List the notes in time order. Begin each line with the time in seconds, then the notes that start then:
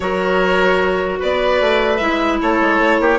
0.00 F#3 F#4 A#4 C#5
1.19 B3 B4 D5
1.61 A3
1.97 G#3 E4 E5
2.41 A3 A4 C#5
2.60 G#3
2.79 A3
2.99 A#3 G4